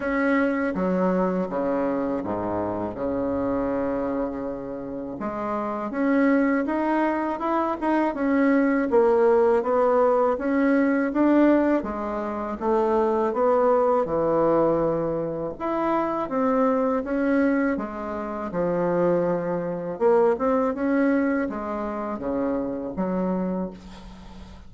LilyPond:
\new Staff \with { instrumentName = "bassoon" } { \time 4/4 \tempo 4 = 81 cis'4 fis4 cis4 gis,4 | cis2. gis4 | cis'4 dis'4 e'8 dis'8 cis'4 | ais4 b4 cis'4 d'4 |
gis4 a4 b4 e4~ | e4 e'4 c'4 cis'4 | gis4 f2 ais8 c'8 | cis'4 gis4 cis4 fis4 | }